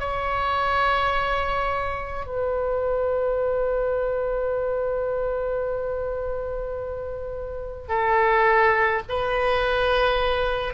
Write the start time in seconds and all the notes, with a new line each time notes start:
0.00 C#5
2.26 B4
7.89 A4
9.09 B4